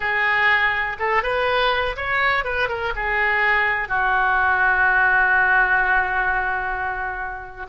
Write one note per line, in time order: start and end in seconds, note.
0.00 0.96 G#4
0.99 1.22 A4
1.22 1.96 B4
1.96 2.44 C#5
2.44 2.68 B4
2.68 2.93 A#4
2.95 3.88 G#4
3.88 7.66 F#4